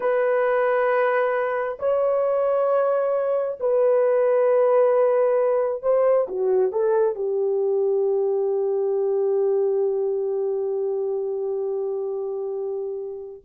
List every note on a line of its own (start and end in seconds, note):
0.00 1.77 B4
1.79 3.58 C#5
3.60 5.82 B4
5.82 6.27 C5
6.28 6.72 F#4
6.72 7.15 A4
7.15 13.42 G4